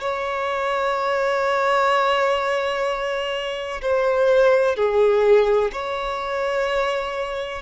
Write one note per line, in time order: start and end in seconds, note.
0.00 3.81 C#5
3.81 4.76 C5
4.76 5.71 G#4
5.72 7.62 C#5